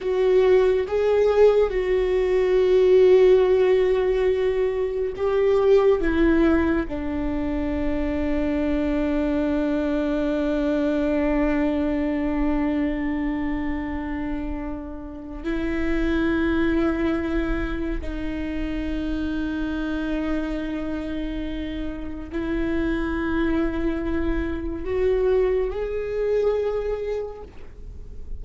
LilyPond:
\new Staff \with { instrumentName = "viola" } { \time 4/4 \tempo 4 = 70 fis'4 gis'4 fis'2~ | fis'2 g'4 e'4 | d'1~ | d'1~ |
d'2 e'2~ | e'4 dis'2.~ | dis'2 e'2~ | e'4 fis'4 gis'2 | }